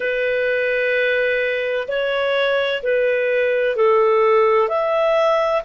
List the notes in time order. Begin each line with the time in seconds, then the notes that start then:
0.00 B4
1.87 C#5
2.82 B4
3.76 A4
4.68 E5